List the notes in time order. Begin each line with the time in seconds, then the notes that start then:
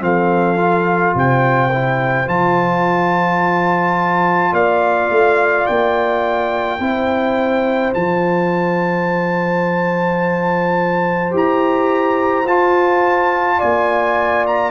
0.00 F3 C4 A4 F5
0.57 F4
1.15 C3 C5 G5
1.73 E4
2.26 F3 F4 A5
4.52 A#3 D5 F5
5.10 A3
5.67 A#3 G5
6.79 C4 E4 C5
7.93 F3 F4 A5
11.31 E4 G4 A#5
12.45 F4 A5
13.58 A#3 D5 G#5
14.47 A#5